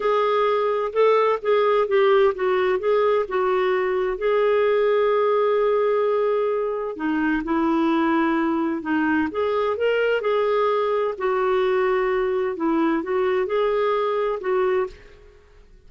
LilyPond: \new Staff \with { instrumentName = "clarinet" } { \time 4/4 \tempo 4 = 129 gis'2 a'4 gis'4 | g'4 fis'4 gis'4 fis'4~ | fis'4 gis'2.~ | gis'2. dis'4 |
e'2. dis'4 | gis'4 ais'4 gis'2 | fis'2. e'4 | fis'4 gis'2 fis'4 | }